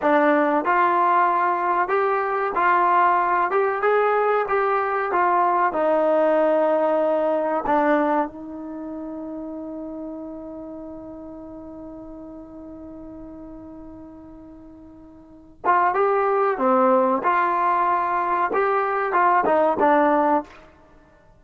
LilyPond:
\new Staff \with { instrumentName = "trombone" } { \time 4/4 \tempo 4 = 94 d'4 f'2 g'4 | f'4. g'8 gis'4 g'4 | f'4 dis'2. | d'4 dis'2.~ |
dis'1~ | dis'1~ | dis'8 f'8 g'4 c'4 f'4~ | f'4 g'4 f'8 dis'8 d'4 | }